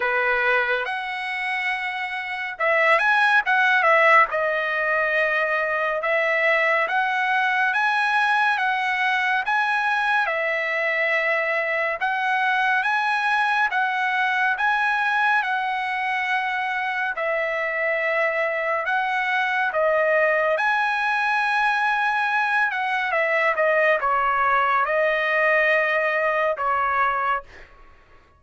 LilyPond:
\new Staff \with { instrumentName = "trumpet" } { \time 4/4 \tempo 4 = 70 b'4 fis''2 e''8 gis''8 | fis''8 e''8 dis''2 e''4 | fis''4 gis''4 fis''4 gis''4 | e''2 fis''4 gis''4 |
fis''4 gis''4 fis''2 | e''2 fis''4 dis''4 | gis''2~ gis''8 fis''8 e''8 dis''8 | cis''4 dis''2 cis''4 | }